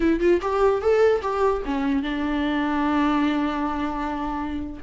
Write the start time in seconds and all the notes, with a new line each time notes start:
0.00 E4
0.20 F4
0.41 G4
0.81 A4
1.22 G4
1.65 C#4
2.03 D4